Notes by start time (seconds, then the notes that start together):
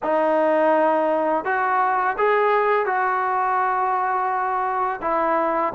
0.02 D#4
1.44 F#4
2.17 G#4
2.86 F#4
5.01 E4